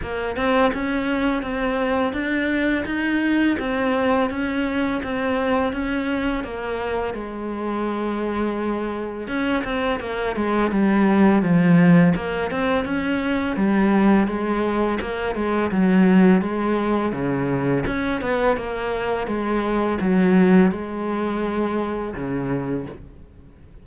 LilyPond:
\new Staff \with { instrumentName = "cello" } { \time 4/4 \tempo 4 = 84 ais8 c'8 cis'4 c'4 d'4 | dis'4 c'4 cis'4 c'4 | cis'4 ais4 gis2~ | gis4 cis'8 c'8 ais8 gis8 g4 |
f4 ais8 c'8 cis'4 g4 | gis4 ais8 gis8 fis4 gis4 | cis4 cis'8 b8 ais4 gis4 | fis4 gis2 cis4 | }